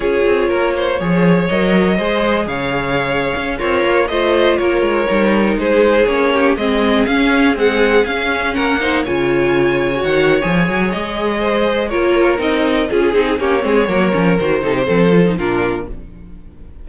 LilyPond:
<<
  \new Staff \with { instrumentName = "violin" } { \time 4/4 \tempo 4 = 121 cis''2. dis''4~ | dis''4 f''2~ f''16 cis''8.~ | cis''16 dis''4 cis''2 c''8.~ | c''16 cis''4 dis''4 f''4 fis''8.~ |
fis''16 f''4 fis''4 gis''4.~ gis''16~ | gis''16 fis''8. gis''4 dis''2 | cis''4 dis''4 gis'4 cis''4~ | cis''4 c''2 ais'4 | }
  \new Staff \with { instrumentName = "violin" } { \time 4/4 gis'4 ais'8 c''8 cis''2 | c''4 cis''2~ cis''16 f'8.~ | f'16 c''4 ais'2 gis'8.~ | gis'8. g'8 gis'2~ gis'8.~ |
gis'4~ gis'16 ais'8 c''8 cis''4.~ cis''16~ | cis''2. c''4 | ais'2 gis'4 g'8 gis'8 | ais'4. a'16 g'16 a'4 f'4 | }
  \new Staff \with { instrumentName = "viola" } { \time 4/4 f'2 gis'4 ais'4 | gis'2.~ gis'16 ais'8.~ | ais'16 f'2 dis'4.~ dis'16~ | dis'16 cis'4 c'4 cis'4 gis8.~ |
gis16 cis'4. dis'8 f'4.~ f'16 | fis'4 gis'2. | f'4 dis'4 f'8 dis'8 cis'8 c'8 | ais8 cis'8 fis'8 dis'8 c'8 f'16 dis'16 d'4 | }
  \new Staff \with { instrumentName = "cello" } { \time 4/4 cis'8 c'8 ais4 f4 fis4 | gis4 cis4.~ cis16 cis'8 c'8 ais16~ | ais16 a4 ais8 gis8 g4 gis8.~ | gis16 ais4 gis4 cis'4 c'8.~ |
c'16 cis'4 ais4 cis4.~ cis16~ | cis16 dis8. f8 fis8 gis2 | ais4 c'4 cis'8 c'8 ais8 gis8 | fis8 f8 dis8 c8 f4 ais,4 | }
>>